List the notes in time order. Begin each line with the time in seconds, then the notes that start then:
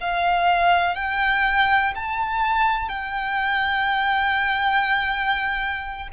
0.00 F5
0.95 G5
1.95 A5
2.88 G5